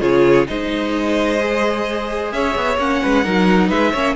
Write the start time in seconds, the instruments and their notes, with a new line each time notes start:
0.00 cello C#3, viola F4, violin G#4 C#5
0.47 cello G#3, viola D#4, violin C5 D#5
1.39 viola G#4
2.32 cello C#4, violin C#5 E5
2.56 cello B3
2.77 cello A#3, viola C#4, violin F#5
3.03 cello G#3, violin B4
3.24 cello F#3, viola D#4, violin A#4
3.69 cello G#3, violin B4 E5
3.92 cello A#3, viola C#4, violin C#5